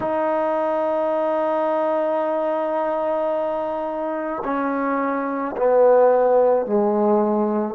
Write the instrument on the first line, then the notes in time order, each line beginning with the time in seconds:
trombone
0.00 D#4
4.44 C#4
5.56 B3
6.66 G#3